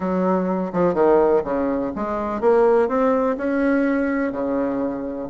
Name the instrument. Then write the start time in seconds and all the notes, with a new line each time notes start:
bassoon
0.00 F#3
0.72 F3
0.94 D#3
1.44 C#3
1.95 G#3
2.40 A#3
2.88 C4
3.37 C#4
4.32 C#3